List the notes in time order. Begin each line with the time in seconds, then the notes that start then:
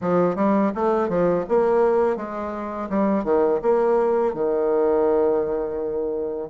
0.01 F3
0.35 G3
0.75 A3
1.08 F3
1.49 A#3
2.16 G#3
2.89 G3
3.24 D#3
3.62 A#3
4.34 D#3